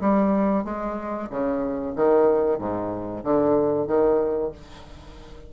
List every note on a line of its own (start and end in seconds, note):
0.00 0.64 G3
0.64 1.29 G#3
1.30 1.94 C#3
1.95 2.58 D#3
2.58 3.23 G#2
3.23 3.87 D3
3.87 4.51 D#3